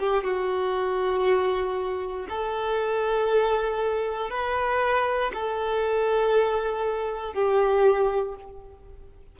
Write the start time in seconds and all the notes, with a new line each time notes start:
0.00 G4
0.24 F#4
2.29 A4
4.31 B4
5.34 A4
7.34 G4